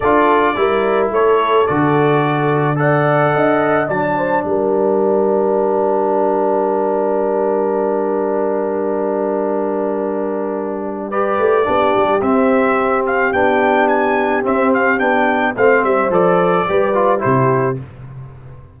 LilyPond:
<<
  \new Staff \with { instrumentName = "trumpet" } { \time 4/4 \tempo 4 = 108 d''2 cis''4 d''4~ | d''4 fis''2 a''4 | g''1~ | g''1~ |
g''1 | d''2 e''4. f''8 | g''4 gis''4 e''8 f''8 g''4 | f''8 e''8 d''2 c''4 | }
  \new Staff \with { instrumentName = "horn" } { \time 4/4 a'4 ais'4 a'2~ | a'4 d''4 dis''4 d''8 c''8 | ais'1~ | ais'1~ |
ais'1 | b'4 g'2.~ | g'1 | c''2 b'4 g'4 | }
  \new Staff \with { instrumentName = "trombone" } { \time 4/4 f'4 e'2 fis'4~ | fis'4 a'2 d'4~ | d'1~ | d'1~ |
d'1 | g'4 d'4 c'2 | d'2 c'4 d'4 | c'4 a'4 g'8 f'8 e'4 | }
  \new Staff \with { instrumentName = "tuba" } { \time 4/4 d'4 g4 a4 d4~ | d2 d'4 fis4 | g1~ | g1~ |
g1~ | g8 a8 b8 g8 c'2 | b2 c'4 b4 | a8 g8 f4 g4 c4 | }
>>